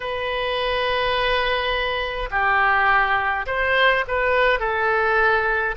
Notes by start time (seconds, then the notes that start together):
0.00 B4
2.30 G4
3.46 C5
4.07 B4
4.59 A4